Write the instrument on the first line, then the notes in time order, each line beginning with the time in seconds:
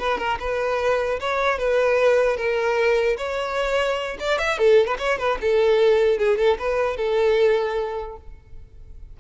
violin
0.00 B4
0.19 A#4
0.40 B4
1.21 C#5
1.59 B4
2.37 A#4
3.18 C#5
4.20 D5
4.39 E5
4.59 A4
4.87 B4
4.99 C#5
5.19 B4
5.42 A4
6.19 G#4
6.38 A4
6.59 B4
6.97 A4